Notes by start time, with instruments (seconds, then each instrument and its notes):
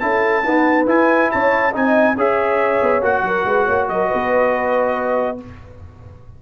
0.00 tuba C#4, trombone E4, horn A4, trumpet A5
0.44 trombone B3, tuba D#4, horn B4
0.87 trombone E4, tuba E4, trumpet G#5
1.31 tuba C#4, horn C#5, trumpet A5
1.72 tuba C4, trombone D#4, horn D#5, trumpet G#5
2.16 tuba C#4, trombone G#4, horn C#5, trumpet E5
2.82 tuba B3
3.01 tuba A#3, trombone F#4, trumpet F#5
3.22 tuba F#3, horn A#4
3.45 tuba G#3, horn B4
3.65 tuba A#3, horn C#5
3.89 tuba F#3, horn A#4, trumpet D#5
4.08 tuba B3, horn B4